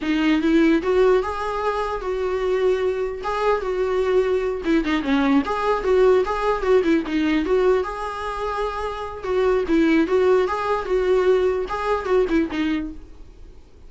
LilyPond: \new Staff \with { instrumentName = "viola" } { \time 4/4 \tempo 4 = 149 dis'4 e'4 fis'4 gis'4~ | gis'4 fis'2. | gis'4 fis'2~ fis'8 e'8 | dis'8 cis'4 gis'4 fis'4 gis'8~ |
gis'8 fis'8 e'8 dis'4 fis'4 gis'8~ | gis'2. fis'4 | e'4 fis'4 gis'4 fis'4~ | fis'4 gis'4 fis'8 e'8 dis'4 | }